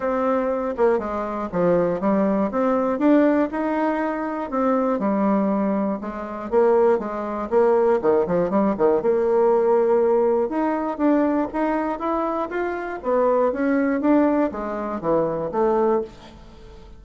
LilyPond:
\new Staff \with { instrumentName = "bassoon" } { \time 4/4 \tempo 4 = 120 c'4. ais8 gis4 f4 | g4 c'4 d'4 dis'4~ | dis'4 c'4 g2 | gis4 ais4 gis4 ais4 |
dis8 f8 g8 dis8 ais2~ | ais4 dis'4 d'4 dis'4 | e'4 f'4 b4 cis'4 | d'4 gis4 e4 a4 | }